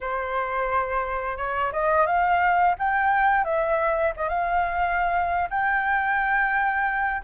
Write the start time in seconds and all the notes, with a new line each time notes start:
0.00 C5
1.37 C#5
1.72 D#5
2.06 F5
2.78 G5
3.44 E5
4.16 D#5
4.28 F5
5.50 G5